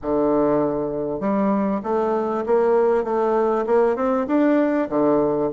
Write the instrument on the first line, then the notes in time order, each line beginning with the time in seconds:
bassoon
0.02 D3
1.20 G3
1.83 A3
2.46 A#3
3.04 A3
3.66 A#3
3.95 C4
4.27 D4
4.89 D3